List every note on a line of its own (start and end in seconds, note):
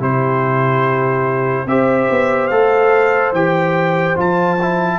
0.00 1.66 C3
0.00 1.67 E4
0.00 1.66 G4
0.00 1.68 C5
1.66 2.08 C4
1.66 2.51 G4
1.66 5.00 C5
1.66 2.48 E5
2.10 2.51 B3
2.48 3.32 A3
2.48 3.34 A4
2.48 3.31 F5
3.32 4.16 E3
3.32 4.16 G4
3.32 4.18 G5
4.16 5.00 F3
4.16 4.57 F4
4.16 5.00 A5
4.62 5.00 E4